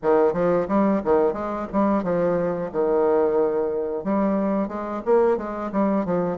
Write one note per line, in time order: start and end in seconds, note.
0.02 0.33 D#3
0.33 0.66 F3
0.67 1.01 G3
1.04 1.33 D#3
1.33 1.67 G#3
1.72 2.03 G3
2.03 2.70 F3
2.72 4.04 D#3
4.04 4.68 G3
4.68 5.01 G#3
5.05 5.37 A#3
5.37 5.71 G#3
5.72 6.05 G3
6.05 6.37 F3